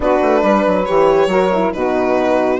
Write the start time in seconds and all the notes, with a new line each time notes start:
0.00 B3 D4 F#4 B4
0.22 A3
0.40 G3 B4
0.66 F#3
0.85 E3 G4 C#5
1.26 F#3 F#4 A#4
1.53 E4
1.73 B2 D#4 F#4 B4